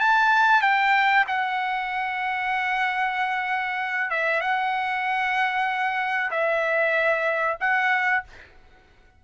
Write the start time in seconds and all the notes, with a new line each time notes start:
0.00 A5
0.62 G5
1.28 F#5
4.10 E5
4.41 F#5
6.31 E5
7.60 F#5